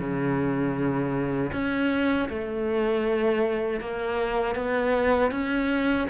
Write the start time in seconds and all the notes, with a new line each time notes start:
0.00 C#3
1.53 C#4
2.29 A3
3.80 A#3
4.55 B3
5.31 C#4